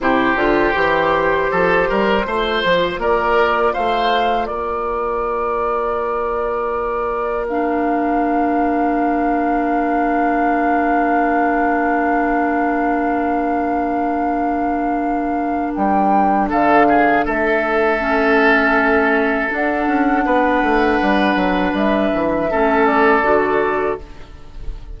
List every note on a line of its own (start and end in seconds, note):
0.00 0.35 C3
0.00 0.36 E4
0.00 1.51 G4
0.00 3.00 C5
0.35 0.73 D3
0.35 0.73 F4
0.75 1.50 E3
0.75 2.24 G4
1.51 1.89 F3
1.51 1.88 A4
1.88 2.25 G3
1.88 2.26 A#4
2.24 2.63 A3
2.24 7.49 F4
2.24 3.00 C5
2.64 2.98 F3
2.98 3.73 A#3
2.98 3.73 A#4
2.98 3.74 D5
3.73 4.50 A3
3.73 4.48 C5
3.73 4.45 F5
4.45 15.75 A#3
4.45 16.48 A#4
4.45 7.45 D5
7.48 17.99 D4
7.48 15.73 F5
15.73 16.51 G3
15.73 16.48 G5
16.48 17.26 D3
16.48 16.86 A4
16.48 17.26 F5
16.88 17.25 G#4
17.25 19.51 A3
17.25 20.25 A4
17.25 19.51 E5
17.99 19.49 C#4
19.49 22.49 D4
19.49 19.86 D4
19.49 21.75 F#5
19.86 20.24 C#4
20.25 20.62 B3
20.25 22.50 B4
20.62 20.99 A3
21.01 21.35 G3
21.35 21.73 F#3
21.73 22.10 G3
21.73 22.86 E5
22.13 22.51 E3
22.50 23.22 A3
22.50 23.23 C#4
22.50 24.00 A4
22.86 23.98 D5
23.22 23.97 D3
23.22 23.98 F#4